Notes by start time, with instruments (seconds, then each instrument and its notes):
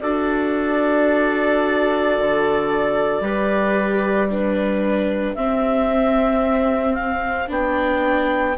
0.00 bassoon D4, viola F#4, trumpet A4, clarinet D5
2.19 bassoon D3
3.20 bassoon G3, viola G4, trumpet B4
4.31 viola D4, trumpet G4, clarinet B4
5.35 bassoon C4, viola C4, clarinet E5
6.94 clarinet F5
7.48 bassoon B3, viola D4, clarinet G5